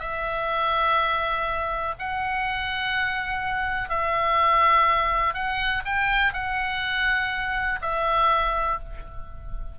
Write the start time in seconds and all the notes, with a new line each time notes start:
0.00 E5
1.99 F#5
3.90 E5
5.34 F#5
5.85 G5
6.33 F#5
7.82 E5